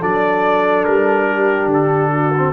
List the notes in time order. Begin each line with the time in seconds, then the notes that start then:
0.00 F#3 D4 A4 D5
0.85 G3 A#4
1.28 G4
1.67 D3
1.74 A4
2.13 F#4
2.37 C4